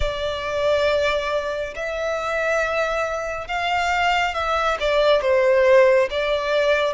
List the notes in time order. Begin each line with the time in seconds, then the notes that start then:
0.00 D5
1.75 E5
3.47 F5
4.34 E5
4.80 D5
5.21 C5
6.10 D5